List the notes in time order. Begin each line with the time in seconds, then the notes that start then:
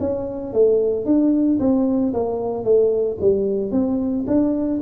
0.00 C#4
0.53 A3
1.06 D4
1.60 C4
2.13 A#3
2.64 A3
3.20 G3
3.72 C4
4.27 D4